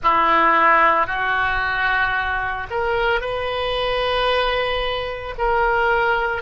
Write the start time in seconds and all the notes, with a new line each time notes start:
0.03 E4
1.06 F#4
2.70 A#4
3.20 B4
5.38 A#4